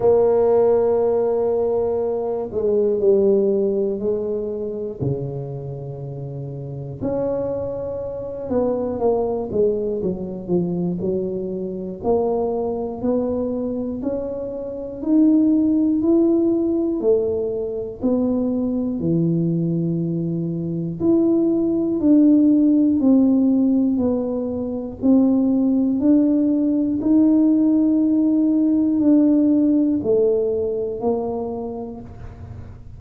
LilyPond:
\new Staff \with { instrumentName = "tuba" } { \time 4/4 \tempo 4 = 60 ais2~ ais8 gis8 g4 | gis4 cis2 cis'4~ | cis'8 b8 ais8 gis8 fis8 f8 fis4 | ais4 b4 cis'4 dis'4 |
e'4 a4 b4 e4~ | e4 e'4 d'4 c'4 | b4 c'4 d'4 dis'4~ | dis'4 d'4 a4 ais4 | }